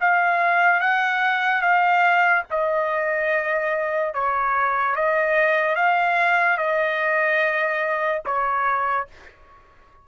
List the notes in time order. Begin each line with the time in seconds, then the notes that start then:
0.00 F5
0.80 F#5
1.61 F5
2.50 D#5
4.14 C#5
4.95 D#5
5.75 F5
6.57 D#5
8.25 C#5